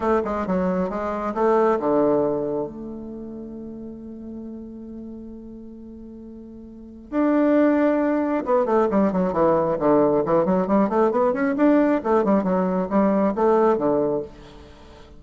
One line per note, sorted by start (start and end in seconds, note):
0.00 0.21 A3
0.24 0.46 G#3
0.46 0.89 F#3
0.89 1.34 G#3
1.34 1.78 A3
1.79 2.66 D3
2.66 7.10 A3
7.10 8.44 D4
8.45 8.65 B3
8.65 8.88 A3
8.90 9.12 G3
9.12 9.32 F#3
9.32 9.77 E3
9.79 10.23 D3
10.25 10.45 E3
10.45 10.67 F#3
10.67 10.89 G3
10.89 11.11 A3
11.11 11.33 B3
11.33 11.55 C#4
11.56 12.01 D4
12.03 12.24 A3
12.24 12.43 G3
12.43 12.88 F#3
12.89 13.34 G3
13.35 13.77 A3
13.77 14.22 D3